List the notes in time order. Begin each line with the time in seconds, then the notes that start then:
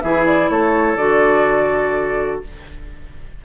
0.00 E3 E4 G#4 E5
0.26 D5
0.49 A3 A4 C#5
0.95 D3 F#4 D5